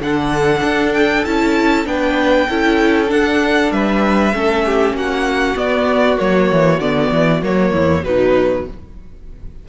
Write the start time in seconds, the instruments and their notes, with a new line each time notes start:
0.00 cello D3, viola D4, violin A4 F#5
0.64 cello D4
0.94 violin G5
1.25 cello C#4, viola E4, violin A5
1.86 cello B3, viola D4, violin B4 G5
2.50 cello C#4, viola E4, violin A4
3.08 viola D4, cello D4, violin F#5
3.72 cello G3, violin B4 E5
4.34 cello A3, viola C#4, violin A4
4.66 violin G4
4.93 cello A#3, violin F#4 F#5
5.57 viola B3, cello B3, violin D5
6.18 cello F#3, viola A#3, violin C#5
6.52 cello E3
6.80 cello D3, viola B3, violin D5
7.12 cello E3
7.43 cello F#3, viola A#3, violin C#5
7.72 cello E2, violin E4
8.04 cello B2, viola F#3, violin D#4 B4